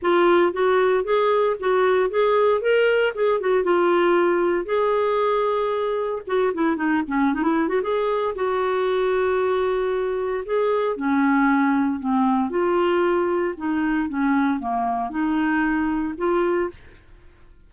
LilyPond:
\new Staff \with { instrumentName = "clarinet" } { \time 4/4 \tempo 4 = 115 f'4 fis'4 gis'4 fis'4 | gis'4 ais'4 gis'8 fis'8 f'4~ | f'4 gis'2. | fis'8 e'8 dis'8 cis'8 dis'16 e'8 fis'16 gis'4 |
fis'1 | gis'4 cis'2 c'4 | f'2 dis'4 cis'4 | ais4 dis'2 f'4 | }